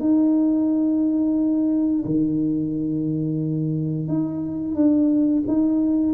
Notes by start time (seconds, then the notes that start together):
0.00 D#4
2.06 D#3
4.08 D#4
4.75 D4
5.48 D#4